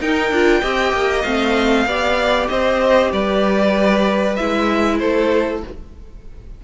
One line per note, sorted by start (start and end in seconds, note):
0.00 0.30 D#4
0.00 0.32 D#4
0.00 0.61 A#4
0.00 1.22 G5
0.30 0.61 D4
0.30 0.62 F4
0.61 0.92 C4
0.61 1.24 G4
0.61 1.86 D#5
0.92 1.24 A#3
1.22 1.86 A3
1.22 1.86 C4
1.22 2.47 F5
1.86 2.48 B3
1.86 4.37 G4
1.86 2.50 D5
2.48 3.12 C4
2.48 3.11 C5
2.48 3.11 D#5
3.11 4.37 G3
3.11 4.99 B4
3.11 4.35 D5
4.35 5.00 G#3
4.35 5.63 E4
4.35 4.98 E5
4.98 5.63 A3
4.98 5.64 A4
4.98 5.61 C5